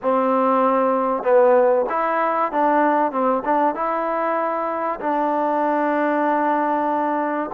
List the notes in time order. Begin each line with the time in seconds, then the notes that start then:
0.01 C4
1.23 B3
1.89 E4
2.52 D4
3.11 C4
3.45 D4
3.74 E4
5.00 D4